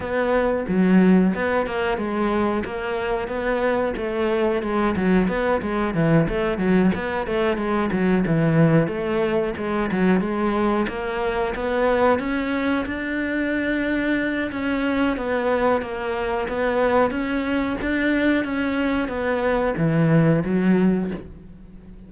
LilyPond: \new Staff \with { instrumentName = "cello" } { \time 4/4 \tempo 4 = 91 b4 fis4 b8 ais8 gis4 | ais4 b4 a4 gis8 fis8 | b8 gis8 e8 a8 fis8 b8 a8 gis8 | fis8 e4 a4 gis8 fis8 gis8~ |
gis8 ais4 b4 cis'4 d'8~ | d'2 cis'4 b4 | ais4 b4 cis'4 d'4 | cis'4 b4 e4 fis4 | }